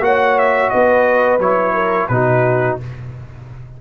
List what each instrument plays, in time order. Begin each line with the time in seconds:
0.00 tuba A#3, trombone F#4, horn C#5, trumpet F#5
0.38 trumpet E5
0.70 tuba B3, horn B4, trumpet D#5
1.39 tuba F#3, trombone E4, trumpet C#5
1.74 horn A#4
2.08 tuba B2, trombone D#4, horn F#4, trumpet B4